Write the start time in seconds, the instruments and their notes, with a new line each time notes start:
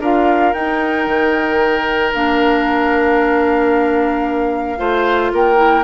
0.00 bassoon D4, clarinet F4, oboe A#4, flute F5
0.53 bassoon D#4, clarinet D#4, flute G5
1.06 bassoon D#3
2.14 bassoon A#3, clarinet D4, flute F5
4.77 bassoon A3, clarinet F4, oboe C5
5.33 bassoon A#3, oboe A#4, flute G5
5.56 clarinet E4